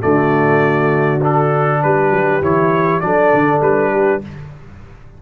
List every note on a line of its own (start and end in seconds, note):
0.00 1.83 D3
0.00 1.20 A3
0.00 1.81 F#4
0.00 1.22 D5
1.21 2.41 D4
1.21 1.82 A4
1.82 2.10 G3
1.82 3.04 G4
1.82 2.42 B4
2.10 2.41 F#3
2.41 3.01 E3
2.41 3.01 E4
2.41 3.00 C#5
3.00 3.32 F#3
3.00 4.21 D4
3.00 3.92 A4
3.00 3.60 D5
3.33 3.60 D3
3.60 4.21 G3
3.60 4.21 B4
3.92 4.21 G4